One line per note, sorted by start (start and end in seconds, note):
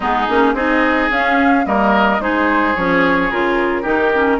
0.00 0.27 G#3
0.00 0.28 B3
0.00 0.53 D#4
0.00 0.55 G#4
0.28 0.54 A#3
0.28 0.55 C#4
0.54 1.09 C4
0.54 1.10 D#4
0.54 1.65 G#4
0.54 1.10 D#5
1.10 1.65 C#4
1.10 1.64 C#4
1.10 1.66 F5
1.64 2.19 G3
1.64 2.19 A#3
1.64 2.22 A#4
1.64 2.21 D#5
2.19 2.74 G#3
2.19 2.75 D#4
2.19 3.82 G#4
2.19 2.75 C5
2.75 3.31 F3
2.75 3.31 C#4
2.75 3.30 C#5
3.30 3.83 C#3
3.30 3.83 F4
3.30 4.39 A#4
3.82 4.39 D#3
3.82 4.11 D#4
3.82 4.37 G4
4.14 4.39 C#4